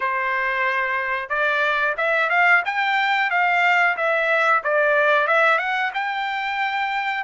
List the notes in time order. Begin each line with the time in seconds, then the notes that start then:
0.00 C5
1.29 D5
1.97 E5
2.29 F5
2.65 G5
3.30 F5
3.96 E5
4.63 D5
5.27 E5
5.58 F#5
5.93 G5